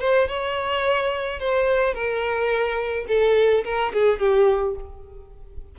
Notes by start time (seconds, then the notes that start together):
0.00 C5
0.28 C#5
1.39 C5
1.94 A#4
3.08 A4
3.64 A#4
3.93 G#4
4.19 G4